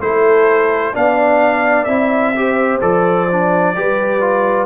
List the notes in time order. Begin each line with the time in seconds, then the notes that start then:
0.00 A3 E4 A4 C5
0.94 B3 D4 D5 F5
1.84 C4 E4 E5
2.36 G4 C5
2.81 F3 A4 D5
3.32 D4
3.75 G3 G4 B4
4.21 F4